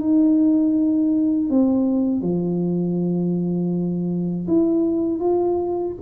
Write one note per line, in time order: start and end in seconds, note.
0.00 1.50 D#4
1.50 2.22 C4
2.22 4.47 F3
4.48 5.20 E4
5.20 5.95 F4